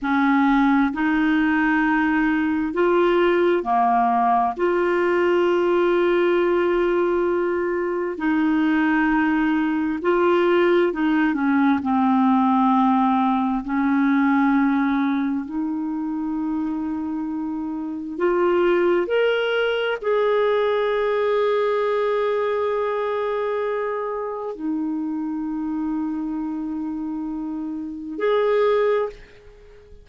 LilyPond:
\new Staff \with { instrumentName = "clarinet" } { \time 4/4 \tempo 4 = 66 cis'4 dis'2 f'4 | ais4 f'2.~ | f'4 dis'2 f'4 | dis'8 cis'8 c'2 cis'4~ |
cis'4 dis'2. | f'4 ais'4 gis'2~ | gis'2. dis'4~ | dis'2. gis'4 | }